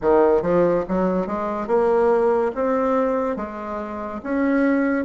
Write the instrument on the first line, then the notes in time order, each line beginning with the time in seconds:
bassoon
0.01 D#3
0.41 F3
0.88 F#3
1.26 G#3
1.67 A#3
2.54 C4
3.36 G#3
4.23 C#4